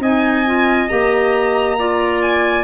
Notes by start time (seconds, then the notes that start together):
0.00 C4 D#4 D#5 G#5
0.47 F4
0.89 A#3 G4 A#5
1.79 F4 D5
2.22 G#5